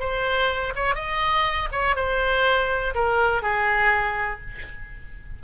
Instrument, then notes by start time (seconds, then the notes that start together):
oboe
0.00 C5
0.76 C#5
0.95 D#5
1.72 C#5
1.96 C5
2.95 A#4
3.42 G#4